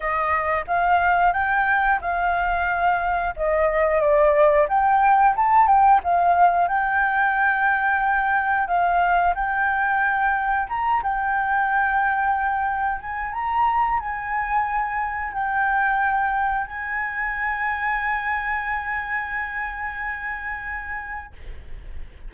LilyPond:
\new Staff \with { instrumentName = "flute" } { \time 4/4 \tempo 4 = 90 dis''4 f''4 g''4 f''4~ | f''4 dis''4 d''4 g''4 | a''8 g''8 f''4 g''2~ | g''4 f''4 g''2 |
ais''8 g''2. gis''8 | ais''4 gis''2 g''4~ | g''4 gis''2.~ | gis''1 | }